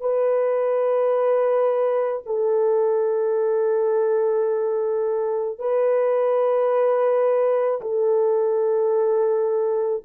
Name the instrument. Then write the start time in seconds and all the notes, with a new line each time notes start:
horn
0.00 B4
2.26 A4
5.58 B4
7.81 A4